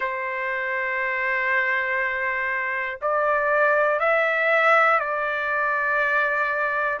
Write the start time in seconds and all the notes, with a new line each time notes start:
0.00 C5
3.01 D5
4.00 E5
4.99 D5